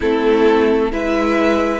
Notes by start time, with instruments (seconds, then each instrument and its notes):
0.00 cello A3, viola C4, violin E4 A4
0.91 cello G#3, viola E4, violin B4 E5